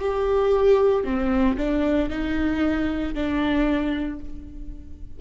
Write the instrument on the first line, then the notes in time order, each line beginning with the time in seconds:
viola
0.00 G4
1.04 C4
1.57 D4
2.10 D#4
3.15 D4